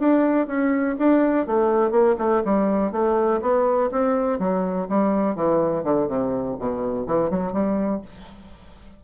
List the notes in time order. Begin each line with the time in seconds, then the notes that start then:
0.00 D4
0.47 C#4
0.99 D4
1.47 A3
1.92 A#3
2.19 A3
2.45 G3
2.92 A3
3.42 B3
3.92 C4
4.39 F#3
4.90 G3
5.36 E3
5.84 D3
6.08 C3
6.59 B2
7.07 E3
7.31 F#3
7.53 G3